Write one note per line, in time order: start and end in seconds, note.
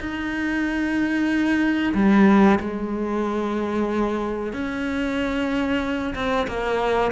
0.00 1.94 D#4
1.94 2.59 G3
2.60 4.53 G#3
4.53 6.14 C#4
6.15 6.47 C4
6.48 7.12 A#3